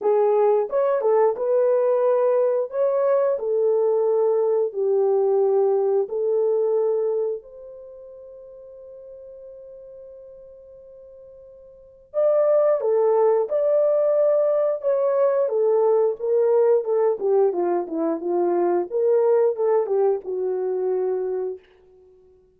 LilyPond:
\new Staff \with { instrumentName = "horn" } { \time 4/4 \tempo 4 = 89 gis'4 cis''8 a'8 b'2 | cis''4 a'2 g'4~ | g'4 a'2 c''4~ | c''1~ |
c''2 d''4 a'4 | d''2 cis''4 a'4 | ais'4 a'8 g'8 f'8 e'8 f'4 | ais'4 a'8 g'8 fis'2 | }